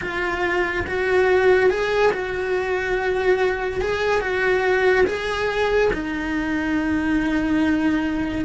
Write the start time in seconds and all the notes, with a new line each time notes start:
0.01 F4
0.86 F#4
1.69 G#4
2.12 F#4
3.81 G#4
4.20 F#4
5.06 G#4
5.93 D#4